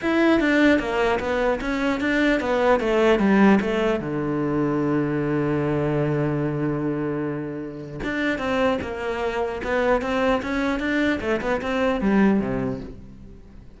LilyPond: \new Staff \with { instrumentName = "cello" } { \time 4/4 \tempo 4 = 150 e'4 d'4 ais4 b4 | cis'4 d'4 b4 a4 | g4 a4 d2~ | d1~ |
d1 | d'4 c'4 ais2 | b4 c'4 cis'4 d'4 | a8 b8 c'4 g4 c4 | }